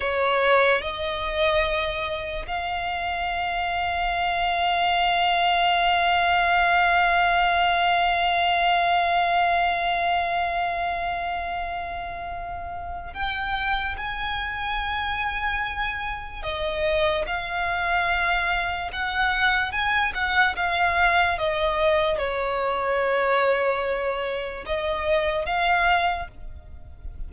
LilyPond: \new Staff \with { instrumentName = "violin" } { \time 4/4 \tempo 4 = 73 cis''4 dis''2 f''4~ | f''1~ | f''1~ | f''1 |
g''4 gis''2. | dis''4 f''2 fis''4 | gis''8 fis''8 f''4 dis''4 cis''4~ | cis''2 dis''4 f''4 | }